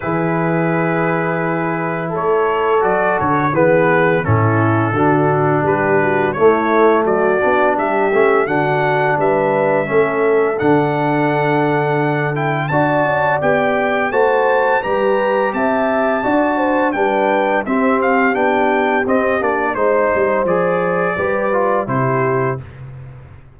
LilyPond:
<<
  \new Staff \with { instrumentName = "trumpet" } { \time 4/4 \tempo 4 = 85 b'2. cis''4 | d''8 cis''8 b'4 a'2 | b'4 cis''4 d''4 e''4 | fis''4 e''2 fis''4~ |
fis''4. g''8 a''4 g''4 | a''4 ais''4 a''2 | g''4 e''8 f''8 g''4 dis''8 d''8 | c''4 d''2 c''4 | }
  \new Staff \with { instrumentName = "horn" } { \time 4/4 gis'2. a'4~ | a'4 gis'4 e'4 fis'4 | g'8 fis'8 e'4 fis'4 g'4 | fis'4 b'4 a'2~ |
a'2 d''2 | c''4 b'4 e''4 d''8 c''8 | b'4 g'2. | c''2 b'4 g'4 | }
  \new Staff \with { instrumentName = "trombone" } { \time 4/4 e'1 | fis'4 b4 cis'4 d'4~ | d'4 a4. d'4 cis'8 | d'2 cis'4 d'4~ |
d'4. e'8 fis'4 g'4 | fis'4 g'2 fis'4 | d'4 c'4 d'4 c'8 d'8 | dis'4 gis'4 g'8 f'8 e'4 | }
  \new Staff \with { instrumentName = "tuba" } { \time 4/4 e2. a4 | fis8 d8 e4 a,4 d4 | g4 a4 fis8 b8 g8 a8 | d4 g4 a4 d4~ |
d2 d'8 cis'8 b4 | a4 g4 c'4 d'4 | g4 c'4 b4 c'8 ais8 | gis8 g8 f4 g4 c4 | }
>>